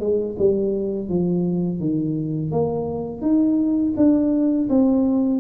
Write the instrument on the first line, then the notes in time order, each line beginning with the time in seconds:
tuba
0.00 G#3
0.39 G3
1.09 F3
1.80 D#3
2.52 A#3
3.22 D#4
3.97 D4
4.70 C4